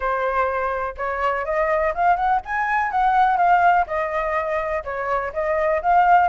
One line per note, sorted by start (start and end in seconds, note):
0.00 0.94 C5
0.97 1.45 C#5
1.45 1.93 D#5
1.94 2.16 F5
2.16 2.40 F#5
2.45 2.91 G#5
2.91 3.37 F#5
3.37 3.85 F5
3.86 4.83 D#5
4.84 5.32 C#5
5.33 5.81 D#5
5.82 6.29 F5